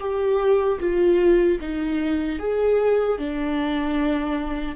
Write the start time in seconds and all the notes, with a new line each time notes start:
0.00 G4
0.80 F4
1.61 D#4
2.39 G#4
3.19 D4